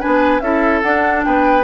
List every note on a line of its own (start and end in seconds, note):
0.00 0.41 D4
0.00 0.41 B4
0.00 0.40 G#5
0.06 0.41 B3
0.40 0.82 C#4
0.40 0.83 E4
0.40 1.26 A4
0.40 0.81 E5
0.82 1.64 D4
0.82 1.25 D4
0.82 1.23 F#5
1.24 1.64 B3
1.24 1.64 B4
1.24 1.64 G5